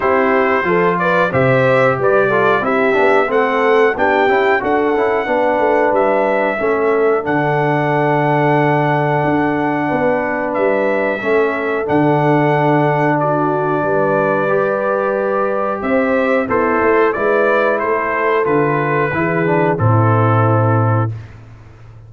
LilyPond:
<<
  \new Staff \with { instrumentName = "trumpet" } { \time 4/4 \tempo 4 = 91 c''4. d''8 e''4 d''4 | e''4 fis''4 g''4 fis''4~ | fis''4 e''2 fis''4~ | fis''1 |
e''2 fis''2 | d''1 | e''4 c''4 d''4 c''4 | b'2 a'2 | }
  \new Staff \with { instrumentName = "horn" } { \time 4/4 g'4 a'8 b'8 c''4 b'8 a'8 | g'4 a'4 g'4 a'4 | b'2 a'2~ | a'2. b'4~ |
b'4 a'2. | fis'4 b'2. | c''4 e'4 b'4 a'4~ | a'4 gis'4 e'2 | }
  \new Staff \with { instrumentName = "trombone" } { \time 4/4 e'4 f'4 g'4. f'8 | e'8 d'8 c'4 d'8 e'8 fis'8 e'8 | d'2 cis'4 d'4~ | d'1~ |
d'4 cis'4 d'2~ | d'2 g'2~ | g'4 a'4 e'2 | f'4 e'8 d'8 c'2 | }
  \new Staff \with { instrumentName = "tuba" } { \time 4/4 c'4 f4 c4 g4 | c'8 b8 a4 b8 cis'8 d'8 cis'8 | b8 a8 g4 a4 d4~ | d2 d'4 b4 |
g4 a4 d2~ | d4 g2. | c'4 b8 a8 gis4 a4 | d4 e4 a,2 | }
>>